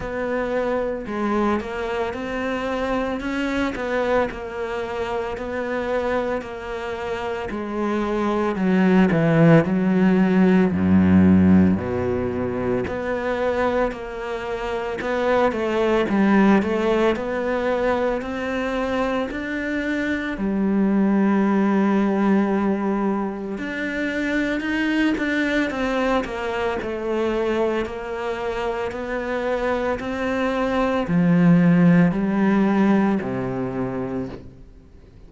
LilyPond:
\new Staff \with { instrumentName = "cello" } { \time 4/4 \tempo 4 = 56 b4 gis8 ais8 c'4 cis'8 b8 | ais4 b4 ais4 gis4 | fis8 e8 fis4 fis,4 b,4 | b4 ais4 b8 a8 g8 a8 |
b4 c'4 d'4 g4~ | g2 d'4 dis'8 d'8 | c'8 ais8 a4 ais4 b4 | c'4 f4 g4 c4 | }